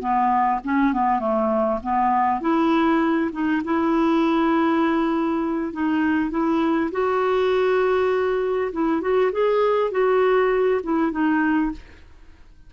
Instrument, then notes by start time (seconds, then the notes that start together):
clarinet
0.00 B3
0.64 C#4
0.93 B3
1.19 A3
1.82 B3
2.41 E4
3.32 D#4
3.64 E4
5.72 D#4
6.30 E4
6.91 F#4
8.72 E4
9.01 F#4
9.32 G#4
9.91 F#4
10.83 E4
11.12 D#4